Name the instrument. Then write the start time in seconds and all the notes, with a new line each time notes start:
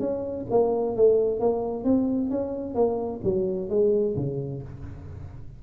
tuba
0.00 C#4
0.51 A#3
0.96 A3
1.40 A#3
1.85 C4
2.31 C#4
2.75 A#3
3.24 F#3
3.70 G#3
4.16 C#3